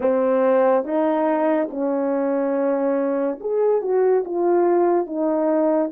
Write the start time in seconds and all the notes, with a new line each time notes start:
0.00 C4
0.84 D#4
1.70 C#4
3.40 G#4
3.81 F#4
4.24 F4
5.06 D#4